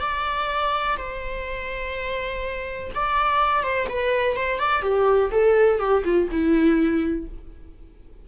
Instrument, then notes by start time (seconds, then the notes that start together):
viola
0.00 D5
0.97 C5
2.95 D5
3.63 C5
3.89 B4
4.36 C5
4.59 D5
4.82 G4
5.31 A4
5.79 G4
6.04 F4
6.31 E4